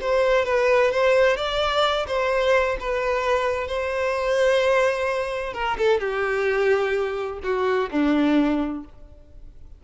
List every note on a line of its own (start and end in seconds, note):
0.00 0.44 C5
0.44 0.91 B4
0.91 1.36 C5
1.36 2.06 D5
2.07 2.77 C5
2.79 3.67 B4
3.67 5.53 C5
5.53 5.77 A#4
5.77 6.00 A4
6.00 7.39 G4
7.43 7.89 F#4
7.91 8.84 D4